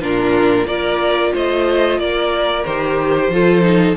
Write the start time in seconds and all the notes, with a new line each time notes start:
0.00 A#2 D4 F4 A#4
0.66 A#3 F4 A#4 D5
1.34 A3 C5 D#5
1.98 A#3 A#4 D5
2.65 D#3 G4 C5
3.28 F3 F4 A4
3.62 D#4